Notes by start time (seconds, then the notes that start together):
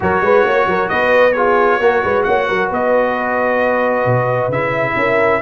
0.00 F#3 F#4 A#4 C#5
0.21 G#3 B4
0.43 A#3 C#5
0.66 F#3 A#4
0.88 B3 B4 D#5
1.32 F4 G#4 C#5
1.80 A#3 F#4 A#4
2.03 G#3 B4
2.23 A#3 C#5 F#5
2.48 F#3 A#4
2.68 B3 B4 D#5
4.05 B2
4.48 C#3 E4 E5
4.96 C#4 A#4